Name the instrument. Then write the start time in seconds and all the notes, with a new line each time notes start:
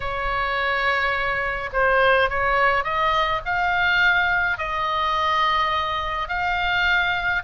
oboe
0.00 C#5
1.72 C5
2.29 C#5
2.84 D#5
3.45 F5
4.57 D#5
6.28 F5